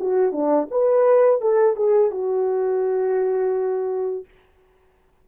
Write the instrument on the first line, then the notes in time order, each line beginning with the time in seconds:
horn
0.00 F#4
0.32 D4
0.71 B4
1.42 A4
1.77 G#4
2.11 F#4